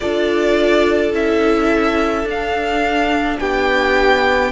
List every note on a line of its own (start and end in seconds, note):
0.00 1.12 D4
0.00 1.12 F4
0.00 3.39 A4
0.00 1.12 D5
1.12 2.24 C#4
1.12 2.26 E4
1.12 2.28 E5
2.24 3.37 D4
2.24 4.51 D4
2.24 3.39 F5
3.39 4.51 B3
3.39 4.51 G4
3.39 4.51 G5